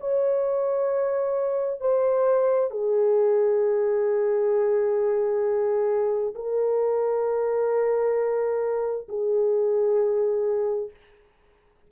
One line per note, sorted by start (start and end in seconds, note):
0.00 1.80 C#5
1.80 2.70 C5
2.70 6.33 G#4
6.34 9.07 A#4
9.08 10.90 G#4